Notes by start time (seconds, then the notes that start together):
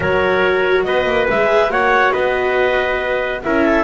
0.00 F#3 F#4 A#4 C#5
0.84 B3 B4 D#5
1.05 A#3
1.29 G#3 G#4 E5
1.69 A#3 F#4 C#5 F#5
2.12 B3 B4 D#5
3.43 C#4 E4 A#4 E5
3.65 A4